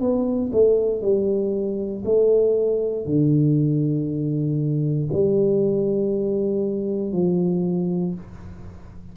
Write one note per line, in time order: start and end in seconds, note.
0.00 0.51 B3
0.52 1.01 A3
1.01 2.03 G3
2.05 3.06 A3
3.06 5.09 D3
5.12 7.12 G3
7.12 8.14 F3